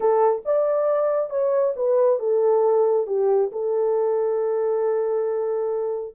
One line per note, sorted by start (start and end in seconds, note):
0.00 0.42 A4
0.45 1.29 D5
1.29 1.73 C#5
1.76 2.19 B4
2.19 3.07 A4
3.07 3.50 G4
3.52 6.14 A4